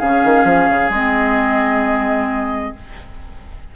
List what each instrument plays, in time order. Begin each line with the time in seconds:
0.00 bassoon C#3, clarinet C#4, oboe G#4, flute F5
0.25 bassoon D#3
0.45 bassoon F3
0.70 bassoon C#3
0.90 bassoon G#3, clarinet C4, flute D#5